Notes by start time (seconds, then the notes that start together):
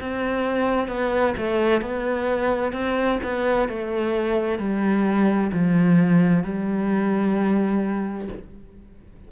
0.00 C4
0.88 B3
1.37 A3
1.81 B3
2.73 C4
3.23 B3
3.68 A3
4.59 G3
5.52 F3
6.43 G3